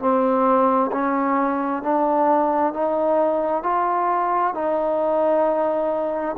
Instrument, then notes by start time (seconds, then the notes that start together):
trombone
0.00 C4
0.92 C#4
1.83 D4
2.74 D#4
3.64 F4
4.55 D#4